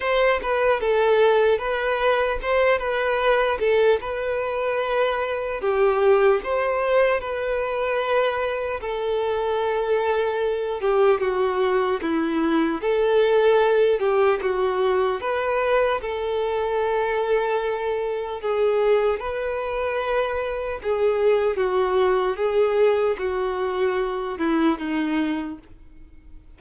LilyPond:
\new Staff \with { instrumentName = "violin" } { \time 4/4 \tempo 4 = 75 c''8 b'8 a'4 b'4 c''8 b'8~ | b'8 a'8 b'2 g'4 | c''4 b'2 a'4~ | a'4. g'8 fis'4 e'4 |
a'4. g'8 fis'4 b'4 | a'2. gis'4 | b'2 gis'4 fis'4 | gis'4 fis'4. e'8 dis'4 | }